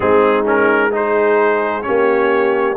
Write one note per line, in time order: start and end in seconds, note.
0.00 1.85 G#3
0.00 0.44 C4
0.00 0.90 D#4
0.00 0.45 G#4
0.44 0.90 C#4
0.44 0.93 A#4
0.91 1.82 D#4
0.91 1.85 G#4
0.91 1.82 C5
1.82 2.77 A#3
1.82 2.74 C#4
1.82 2.77 G4
1.82 2.74 C#5